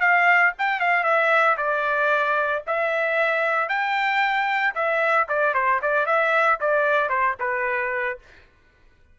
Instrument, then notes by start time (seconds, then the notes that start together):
trumpet
0.00 F5
0.58 G5
0.79 F5
1.03 E5
1.57 D5
2.66 E5
3.68 G5
4.74 E5
5.28 D5
5.54 C5
5.82 D5
6.06 E5
6.60 D5
7.09 C5
7.39 B4